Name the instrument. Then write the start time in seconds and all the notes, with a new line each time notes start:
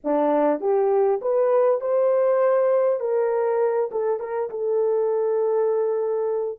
horn
0.04 D4
0.60 G4
1.21 B4
1.80 C5
3.00 A#4
3.91 A4
4.19 A#4
4.50 A4